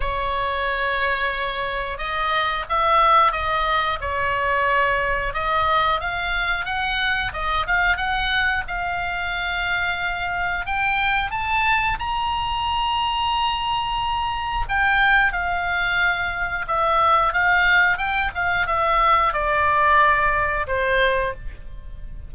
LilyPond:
\new Staff \with { instrumentName = "oboe" } { \time 4/4 \tempo 4 = 90 cis''2. dis''4 | e''4 dis''4 cis''2 | dis''4 f''4 fis''4 dis''8 f''8 | fis''4 f''2. |
g''4 a''4 ais''2~ | ais''2 g''4 f''4~ | f''4 e''4 f''4 g''8 f''8 | e''4 d''2 c''4 | }